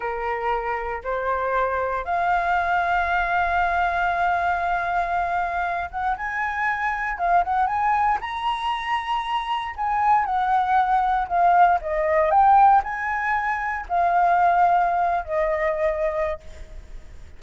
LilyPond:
\new Staff \with { instrumentName = "flute" } { \time 4/4 \tempo 4 = 117 ais'2 c''2 | f''1~ | f''2.~ f''8 fis''8 | gis''2 f''8 fis''8 gis''4 |
ais''2. gis''4 | fis''2 f''4 dis''4 | g''4 gis''2 f''4~ | f''4.~ f''16 dis''2~ dis''16 | }